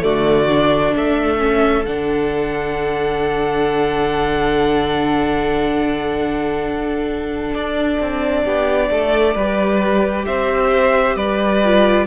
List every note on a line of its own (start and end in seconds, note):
0.00 0.94 D3
0.00 0.45 A3
0.00 0.95 F#4
0.00 0.94 D5
0.49 1.38 D4
0.95 1.86 A3
0.95 8.44 A4
0.95 1.85 E5
1.38 1.83 C#4
1.85 7.53 D3
1.85 9.37 D4
1.85 7.53 F#5
7.53 7.99 D4
7.53 10.25 D5
7.99 8.45 C4
8.44 8.90 B3
8.44 8.89 G4
8.90 9.34 A3
8.90 9.34 A4
9.34 10.25 G3
9.34 11.64 G4
9.34 10.25 B4
10.25 11.15 C4
10.25 11.15 C5
10.25 11.16 E5
11.15 12.06 G3
11.15 12.06 B4
11.15 12.07 D5
11.64 12.07 F4